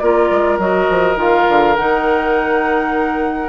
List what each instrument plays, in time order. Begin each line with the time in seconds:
0.00 bassoon A#3, clarinet F4, oboe A#4, flute D5
0.31 bassoon G#3
0.59 bassoon F#3, clarinet F#4, flute D#5
0.90 bassoon F3
1.16 bassoon D#3, clarinet F4, flute F5
1.49 bassoon D3
1.77 bassoon D#3, clarinet D#4, flute F#5